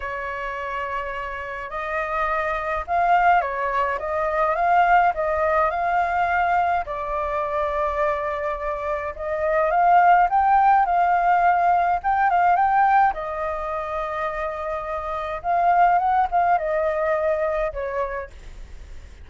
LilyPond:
\new Staff \with { instrumentName = "flute" } { \time 4/4 \tempo 4 = 105 cis''2. dis''4~ | dis''4 f''4 cis''4 dis''4 | f''4 dis''4 f''2 | d''1 |
dis''4 f''4 g''4 f''4~ | f''4 g''8 f''8 g''4 dis''4~ | dis''2. f''4 | fis''8 f''8 dis''2 cis''4 | }